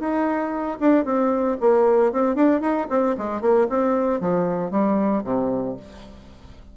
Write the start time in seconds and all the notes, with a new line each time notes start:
0.00 D#4
0.80 D4
1.05 C4
1.61 A#3
2.13 C4
2.35 D4
2.61 D#4
2.90 C4
3.18 G#3
3.42 A#3
3.69 C4
4.21 F3
4.71 G3
5.24 C3